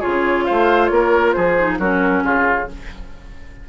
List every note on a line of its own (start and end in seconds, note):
0.00 0.50 C#3
0.00 1.57 F4
0.00 0.44 G#4
0.00 0.45 C#5
0.45 0.91 A3
0.45 0.91 C5
0.45 0.87 F5
0.87 1.35 A#3
0.87 1.31 C#5
0.94 1.36 A#4
1.33 1.79 F3
1.33 1.79 G#4
1.33 1.77 C5
1.59 1.80 D#4
1.79 2.24 F#3
1.79 2.69 C#4
1.79 2.24 F#4
1.79 2.24 A#4
2.25 2.69 C#3
2.25 2.69 F4
2.25 2.70 G#4